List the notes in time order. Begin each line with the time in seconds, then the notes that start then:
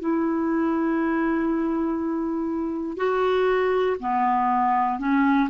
0.00 E4
2.97 F#4
4.00 B3
4.99 C#4